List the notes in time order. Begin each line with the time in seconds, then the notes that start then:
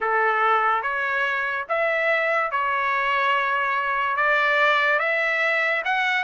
0.00 A4
0.82 C#5
1.69 E5
2.51 C#5
4.16 D5
4.99 E5
5.84 F#5